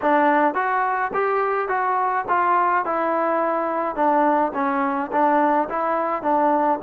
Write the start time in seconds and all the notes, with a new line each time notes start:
0.01 D4
0.54 F#4
1.13 G4
1.68 F#4
2.28 F4
2.85 E4
3.95 D4
4.54 C#4
5.11 D4
5.69 E4
6.22 D4